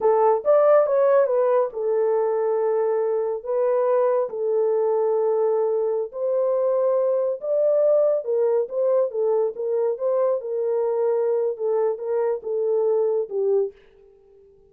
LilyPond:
\new Staff \with { instrumentName = "horn" } { \time 4/4 \tempo 4 = 140 a'4 d''4 cis''4 b'4 | a'1 | b'2 a'2~ | a'2~ a'16 c''4.~ c''16~ |
c''4~ c''16 d''2 ais'8.~ | ais'16 c''4 a'4 ais'4 c''8.~ | c''16 ais'2~ ais'8. a'4 | ais'4 a'2 g'4 | }